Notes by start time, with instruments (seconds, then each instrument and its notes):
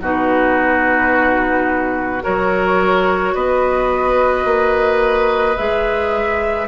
0.00 bassoon B2, clarinet D#4, oboe F#4, flute B4
2.21 bassoon F#3, clarinet F#4, oboe A#4, flute C#5
3.34 bassoon B3, oboe B4, flute D#5
4.44 bassoon A#3
5.56 bassoon G#3, clarinet G#4, flute E5